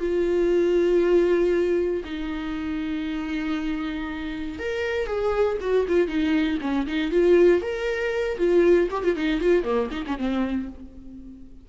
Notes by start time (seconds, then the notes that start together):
0.00 F4
2.05 D#4
4.59 A#4
5.07 G#4
5.61 F#4
5.88 F4
6.08 D#4
6.62 C#4
6.87 D#4
7.12 F4
7.62 A#4
8.38 F4
8.91 G4
9.04 F4
9.17 D#4
9.41 F4
9.64 A#3
9.92 D#4
10.07 C#4
10.18 C4